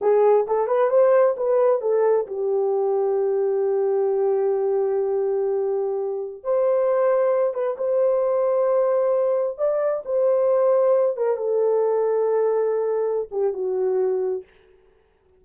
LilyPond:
\new Staff \with { instrumentName = "horn" } { \time 4/4 \tempo 4 = 133 gis'4 a'8 b'8 c''4 b'4 | a'4 g'2.~ | g'1~ | g'2~ g'16 c''4.~ c''16~ |
c''8. b'8 c''2~ c''8.~ | c''4~ c''16 d''4 c''4.~ c''16~ | c''8. ais'8 a'2~ a'8.~ | a'4. g'8 fis'2 | }